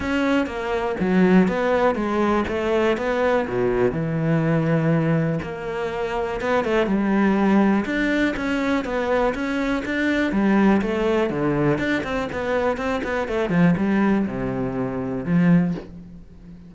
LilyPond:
\new Staff \with { instrumentName = "cello" } { \time 4/4 \tempo 4 = 122 cis'4 ais4 fis4 b4 | gis4 a4 b4 b,4 | e2. ais4~ | ais4 b8 a8 g2 |
d'4 cis'4 b4 cis'4 | d'4 g4 a4 d4 | d'8 c'8 b4 c'8 b8 a8 f8 | g4 c2 f4 | }